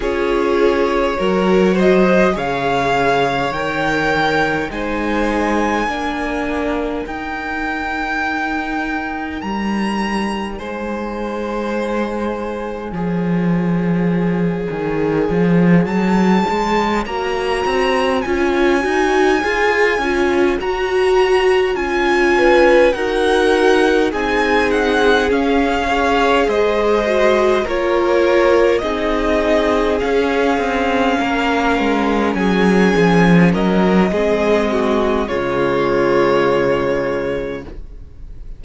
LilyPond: <<
  \new Staff \with { instrumentName = "violin" } { \time 4/4 \tempo 4 = 51 cis''4. dis''8 f''4 g''4 | gis''2 g''2 | ais''4 gis''2.~ | gis''4. a''4 ais''4 gis''8~ |
gis''4. ais''4 gis''4 fis''8~ | fis''8 gis''8 fis''8 f''4 dis''4 cis''8~ | cis''8 dis''4 f''2 gis''8~ | gis''8 dis''4. cis''2 | }
  \new Staff \with { instrumentName = "violin" } { \time 4/4 gis'4 ais'8 c''8 cis''2 | c''4 ais'2.~ | ais'4 c''2 cis''4~ | cis''1~ |
cis''2. b'8 ais'8~ | ais'8 gis'4. cis''8 c''4 ais'8~ | ais'8 gis'2 ais'4 gis'8~ | gis'8 ais'8 gis'8 fis'8 f'2 | }
  \new Staff \with { instrumentName = "viola" } { \time 4/4 f'4 fis'4 gis'4 ais'4 | dis'4 d'4 dis'2~ | dis'2. gis'4~ | gis'2~ gis'8 fis'4 f'8 |
fis'8 gis'8 f'8 fis'4 f'4 fis'8~ | fis'8 dis'4 cis'8 gis'4 fis'8 f'8~ | f'8 dis'4 cis'2~ cis'8~ | cis'4 c'4 gis2 | }
  \new Staff \with { instrumentName = "cello" } { \time 4/4 cis'4 fis4 cis4 dis4 | gis4 ais4 dis'2 | g4 gis2 f4~ | f8 dis8 f8 fis8 gis8 ais8 c'8 cis'8 |
dis'8 f'8 cis'8 fis'4 cis'4 dis'8~ | dis'8 c'4 cis'4 gis4 ais8~ | ais8 c'4 cis'8 c'8 ais8 gis8 fis8 | f8 fis8 gis4 cis2 | }
>>